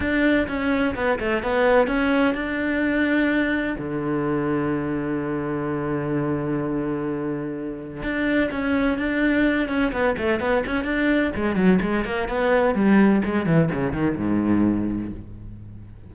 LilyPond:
\new Staff \with { instrumentName = "cello" } { \time 4/4 \tempo 4 = 127 d'4 cis'4 b8 a8 b4 | cis'4 d'2. | d1~ | d1~ |
d4 d'4 cis'4 d'4~ | d'8 cis'8 b8 a8 b8 cis'8 d'4 | gis8 fis8 gis8 ais8 b4 g4 | gis8 e8 cis8 dis8 gis,2 | }